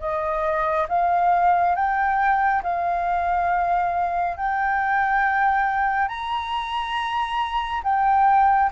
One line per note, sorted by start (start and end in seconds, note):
0.00 0.87 D#5
0.88 1.75 F5
1.75 2.62 G5
2.63 4.37 F5
4.37 6.08 G5
6.08 7.82 A#5
7.83 8.70 G5